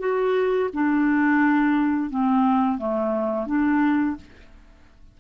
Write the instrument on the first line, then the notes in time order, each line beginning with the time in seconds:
clarinet
0.00 F#4
0.74 D4
2.10 C4
2.78 A3
3.47 D4